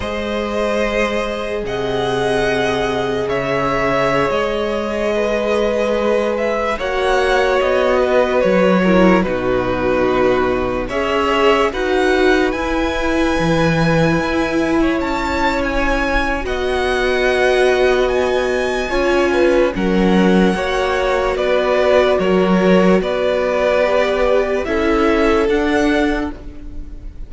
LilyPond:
<<
  \new Staff \with { instrumentName = "violin" } { \time 4/4 \tempo 4 = 73 dis''2 fis''2 | e''4~ e''16 dis''2~ dis''8 e''16~ | e''16 fis''4 dis''4 cis''4 b'8.~ | b'4~ b'16 e''4 fis''4 gis''8.~ |
gis''2~ gis''16 a''8. gis''4 | fis''2 gis''2 | fis''2 d''4 cis''4 | d''2 e''4 fis''4 | }
  \new Staff \with { instrumentName = "violin" } { \time 4/4 c''2 dis''2 | cis''2~ cis''16 b'4.~ b'16~ | b'16 cis''4. b'4 ais'8 fis'8.~ | fis'4~ fis'16 cis''4 b'4.~ b'16~ |
b'2 cis''2 | dis''2. cis''8 b'8 | ais'4 cis''4 b'4 ais'4 | b'2 a'2 | }
  \new Staff \with { instrumentName = "viola" } { \time 4/4 gis'1~ | gis'1~ | gis'16 fis'2~ fis'8 e'8 dis'8.~ | dis'4~ dis'16 gis'4 fis'4 e'8.~ |
e'1 | fis'2. f'4 | cis'4 fis'2.~ | fis'4 g'4 e'4 d'4 | }
  \new Staff \with { instrumentName = "cello" } { \time 4/4 gis2 c2 | cis4~ cis16 gis2~ gis8.~ | gis16 ais4 b4 fis4 b,8.~ | b,4~ b,16 cis'4 dis'4 e'8.~ |
e'16 e4 e'4 cis'4.~ cis'16 | b2. cis'4 | fis4 ais4 b4 fis4 | b2 cis'4 d'4 | }
>>